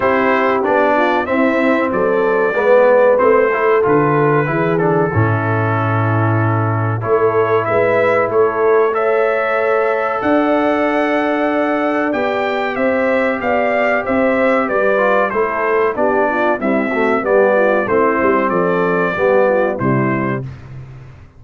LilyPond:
<<
  \new Staff \with { instrumentName = "trumpet" } { \time 4/4 \tempo 4 = 94 c''4 d''4 e''4 d''4~ | d''4 c''4 b'4. a'8~ | a'2. cis''4 | e''4 cis''4 e''2 |
fis''2. g''4 | e''4 f''4 e''4 d''4 | c''4 d''4 e''4 d''4 | c''4 d''2 c''4 | }
  \new Staff \with { instrumentName = "horn" } { \time 4/4 g'4. f'8 e'4 a'4 | b'4. a'4. gis'4 | e'2. a'4 | b'4 a'4 cis''2 |
d''1 | c''4 d''4 c''4 b'4 | a'4 g'8 f'8 e'8 fis'8 g'8 f'8 | e'4 a'4 g'8 f'8 e'4 | }
  \new Staff \with { instrumentName = "trombone" } { \time 4/4 e'4 d'4 c'2 | b4 c'8 e'8 f'4 e'8 d'8 | cis'2. e'4~ | e'2 a'2~ |
a'2. g'4~ | g'2.~ g'8 f'8 | e'4 d'4 g8 a8 b4 | c'2 b4 g4 | }
  \new Staff \with { instrumentName = "tuba" } { \time 4/4 c'4 b4 c'4 fis4 | gis4 a4 d4 e4 | a,2. a4 | gis4 a2. |
d'2. b4 | c'4 b4 c'4 g4 | a4 b4 c'4 g4 | a8 g8 f4 g4 c4 | }
>>